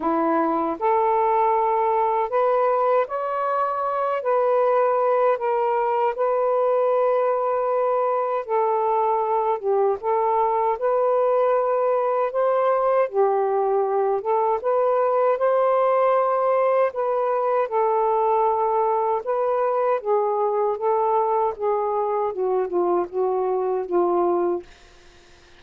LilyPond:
\new Staff \with { instrumentName = "saxophone" } { \time 4/4 \tempo 4 = 78 e'4 a'2 b'4 | cis''4. b'4. ais'4 | b'2. a'4~ | a'8 g'8 a'4 b'2 |
c''4 g'4. a'8 b'4 | c''2 b'4 a'4~ | a'4 b'4 gis'4 a'4 | gis'4 fis'8 f'8 fis'4 f'4 | }